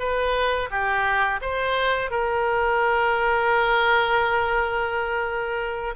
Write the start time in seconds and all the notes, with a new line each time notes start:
0.00 B4
0.71 G4
1.42 C5
2.11 A#4